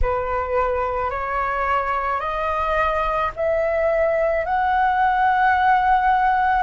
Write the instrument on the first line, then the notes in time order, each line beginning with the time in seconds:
flute
0.01 B4
1.10 C#5
2.20 D#5
3.36 E5
4.44 F#5